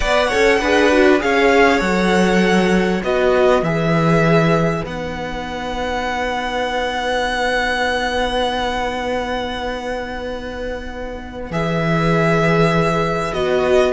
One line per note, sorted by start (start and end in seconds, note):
0.00 0.32 B3
0.00 0.30 B4
0.00 0.28 D5
0.00 1.20 F#5
0.28 0.61 C#4
0.28 0.60 A4
0.28 0.58 C#5
0.60 1.22 D4
0.60 0.91 G#4
0.60 1.21 B4
0.91 1.19 F#4
1.19 1.81 C#4
1.19 1.79 G#4
1.19 3.05 C#5
1.19 1.80 F5
1.79 3.02 F#3
1.79 3.00 A4
1.79 3.01 F#5
3.02 3.61 B3
3.02 3.63 F#4
3.02 13.92 B4
3.02 3.64 D#5
3.61 4.83 E3
3.61 4.84 G#4
3.61 4.85 E5
4.84 11.50 B3
4.84 11.50 D#4
4.84 11.52 F#5
11.50 13.32 E3
11.50 13.33 G#4
11.50 13.33 E5
13.33 13.92 B3
13.33 13.92 F#4
13.33 13.92 D#5